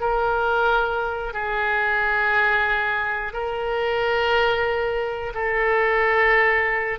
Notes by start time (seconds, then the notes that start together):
0.00 A#4
1.33 G#4
3.33 A#4
5.34 A4